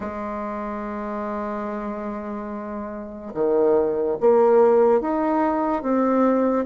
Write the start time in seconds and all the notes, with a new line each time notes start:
0.00 G#3
3.33 D#3
4.20 A#3
5.00 D#4
5.82 C4